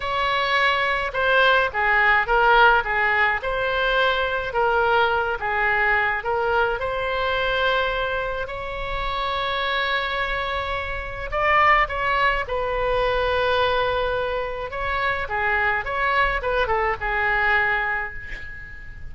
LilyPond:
\new Staff \with { instrumentName = "oboe" } { \time 4/4 \tempo 4 = 106 cis''2 c''4 gis'4 | ais'4 gis'4 c''2 | ais'4. gis'4. ais'4 | c''2. cis''4~ |
cis''1 | d''4 cis''4 b'2~ | b'2 cis''4 gis'4 | cis''4 b'8 a'8 gis'2 | }